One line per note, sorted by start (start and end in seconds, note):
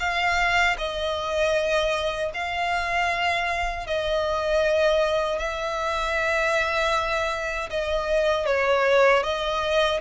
0.00 0.77 F5
0.78 2.32 D#5
2.35 3.87 F5
3.87 5.39 D#5
5.39 7.70 E5
7.71 8.47 D#5
8.47 9.23 C#5
9.24 10.01 D#5